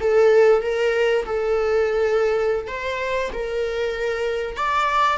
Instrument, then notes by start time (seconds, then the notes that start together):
viola
0.00 A4
0.62 A#4
1.25 A4
2.68 C5
3.33 A#4
4.56 D5